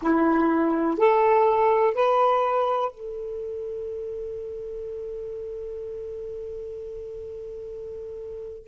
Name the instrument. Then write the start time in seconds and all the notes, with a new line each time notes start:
saxophone
0.01 E4
0.98 A4
1.94 B4
2.91 A4